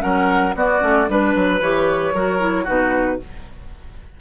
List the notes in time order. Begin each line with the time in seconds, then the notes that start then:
0.00 F#3 C#4 A#4 F#5
0.55 B3 F#4 D5
0.80 A3 C#4
1.08 G3 D4 B4
1.35 F#3
1.61 E3 G4 C#5
2.13 F#3 F#4 A#4
2.39 E4
2.64 B2 D#4 F#4 B4